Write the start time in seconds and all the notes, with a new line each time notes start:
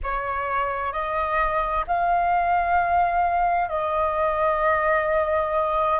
0.03 C#5
0.92 D#5
1.87 F5
3.68 D#5